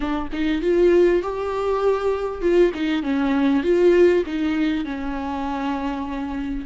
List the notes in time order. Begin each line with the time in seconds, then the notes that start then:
0.00 D4
0.32 D#4
0.61 F4
1.22 G4
2.41 F4
2.74 D#4
3.02 C#4
3.63 F4
4.26 D#4
4.85 C#4